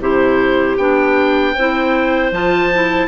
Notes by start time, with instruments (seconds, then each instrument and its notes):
0.00 bassoon C3, clarinet E4 G4, oboe C5
0.77 bassoon B3, clarinet D4, oboe G5
1.54 bassoon C4, clarinet E4 C5
2.31 bassoon F3, clarinet F4, oboe A5
2.74 clarinet E4